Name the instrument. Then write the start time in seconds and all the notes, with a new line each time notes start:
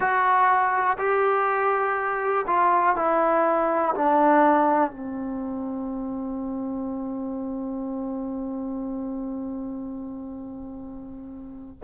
trombone
0.00 F#4
0.97 G4
2.46 F4
2.96 E4
3.94 D4
4.90 C4